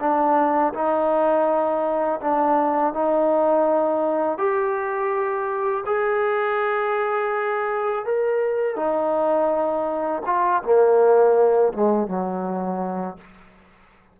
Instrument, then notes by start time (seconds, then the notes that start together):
trombone
0.00 D4
0.74 D#4
2.21 D4
2.93 D#4
4.38 G4
5.86 G#4
8.05 A#4
8.76 D#4
10.26 F4
10.63 A#3
11.73 G#3
12.08 F#3